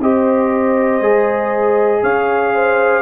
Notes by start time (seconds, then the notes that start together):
0.00 C4 G4 C5 D#5
1.01 G#3 G#4
2.03 C#4 C#5 F5
2.55 C5